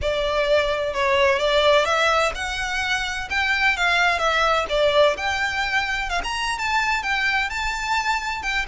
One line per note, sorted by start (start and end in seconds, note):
0.01 0.93 D5
0.93 1.38 C#5
1.38 1.85 D5
1.85 2.32 E5
2.34 3.28 F#5
3.30 3.76 G5
3.76 4.18 F5
4.18 4.65 E5
4.69 5.16 D5
5.16 6.09 G5
6.09 6.21 F5
6.23 6.58 A#5
6.58 7.02 A5
7.02 7.49 G5
7.49 8.42 A5
8.42 8.65 G5